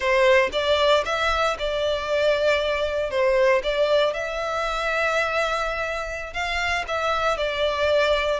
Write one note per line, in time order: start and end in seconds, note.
0.00 0.49 C5
0.52 1.04 D5
1.05 1.57 E5
1.58 3.10 D5
3.10 3.62 C5
3.63 4.13 D5
4.13 6.33 E5
6.33 6.84 F5
6.87 7.37 E5
7.37 8.39 D5